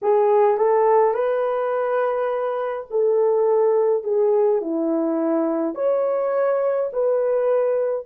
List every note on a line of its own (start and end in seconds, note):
0.02 0.57 G#4
0.57 1.13 A4
1.13 2.86 B4
2.90 4.03 A4
4.03 4.61 G#4
4.61 5.74 E4
5.74 6.90 C#5
6.92 8.06 B4